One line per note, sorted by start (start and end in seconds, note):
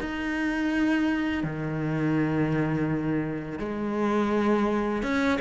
0.00 1.43 D#4
1.43 3.58 D#3
3.58 5.02 G#3
5.02 5.38 C#4